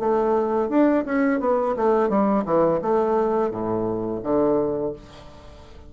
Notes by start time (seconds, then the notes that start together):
0.00 A3
0.70 D4
1.06 C#4
1.40 B3
1.77 A3
2.10 G3
2.45 E3
2.82 A3
3.51 A2
4.23 D3